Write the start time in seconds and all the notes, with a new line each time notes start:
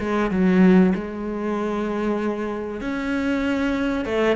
0.00 G#3
0.31 F#3
0.95 G#3
2.81 C#4
4.05 A3